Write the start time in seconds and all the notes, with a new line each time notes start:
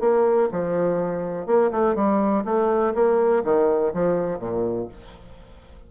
0.00 A#3
0.52 F3
1.47 A#3
1.71 A3
1.95 G3
2.45 A3
2.94 A#3
3.44 D#3
3.94 F3
4.39 A#2